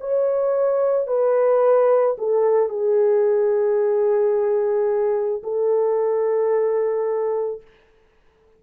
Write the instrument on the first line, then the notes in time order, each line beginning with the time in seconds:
horn
0.00 C#5
1.07 B4
2.18 A4
2.69 G#4
5.43 A4